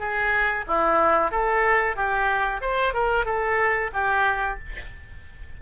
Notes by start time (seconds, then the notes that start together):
0.00 G#4
0.67 E4
1.32 A4
1.96 G4
2.61 C5
2.94 A#4
3.25 A4
3.93 G4